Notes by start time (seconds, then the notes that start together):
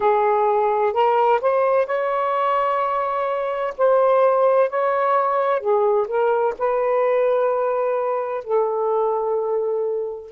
0.00 G#4
0.93 A#4
1.41 C5
1.86 C#5
3.78 C5
4.69 C#5
5.60 G#4
6.07 A#4
6.58 B4
8.44 A4